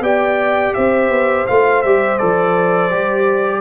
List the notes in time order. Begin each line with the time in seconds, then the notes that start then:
0.00 B3 G4 D5 G5
0.74 C4 C5 E5
1.09 B3
1.47 A3 F4 F5
1.82 G3 G4 E5
2.18 F3 A4 D5
2.90 G3 G4